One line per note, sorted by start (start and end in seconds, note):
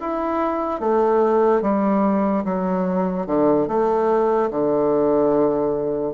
0.00 0.80 E4
0.80 1.62 A3
1.62 2.44 G3
2.45 3.27 F#3
3.27 3.68 D3
3.68 4.50 A3
4.51 6.13 D3